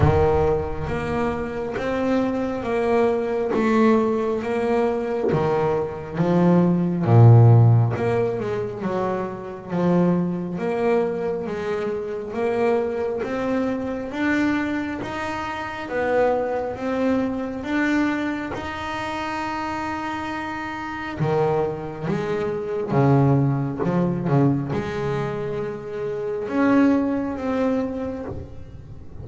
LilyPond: \new Staff \with { instrumentName = "double bass" } { \time 4/4 \tempo 4 = 68 dis4 ais4 c'4 ais4 | a4 ais4 dis4 f4 | ais,4 ais8 gis8 fis4 f4 | ais4 gis4 ais4 c'4 |
d'4 dis'4 b4 c'4 | d'4 dis'2. | dis4 gis4 cis4 f8 cis8 | gis2 cis'4 c'4 | }